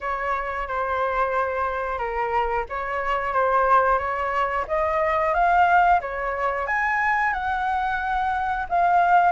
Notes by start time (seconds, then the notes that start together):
0.00 C#5
0.67 C5
1.98 A#4
2.68 C#5
3.33 C5
3.98 C#5
4.67 D#5
5.33 F5
6.00 C#5
6.67 G#5
7.33 F#5
8.69 F5